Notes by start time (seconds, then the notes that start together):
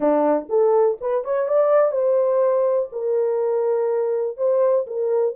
0.00 D4
0.49 A4
1.00 B4
1.24 C#5
1.48 D5
1.91 C5
2.92 A#4
4.37 C5
4.86 A#4